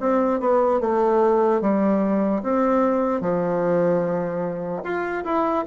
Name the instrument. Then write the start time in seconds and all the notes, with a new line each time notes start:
bassoon
0.00 C4
0.40 B3
0.80 A3
1.61 G3
2.43 C4
3.21 F3
4.84 F4
5.24 E4